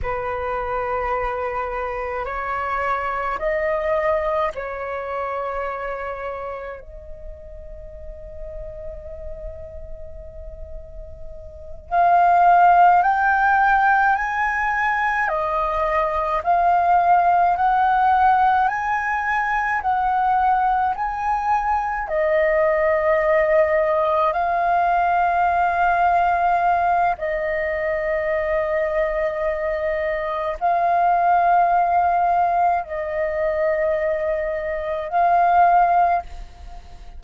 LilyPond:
\new Staff \with { instrumentName = "flute" } { \time 4/4 \tempo 4 = 53 b'2 cis''4 dis''4 | cis''2 dis''2~ | dis''2~ dis''8 f''4 g''8~ | g''8 gis''4 dis''4 f''4 fis''8~ |
fis''8 gis''4 fis''4 gis''4 dis''8~ | dis''4. f''2~ f''8 | dis''2. f''4~ | f''4 dis''2 f''4 | }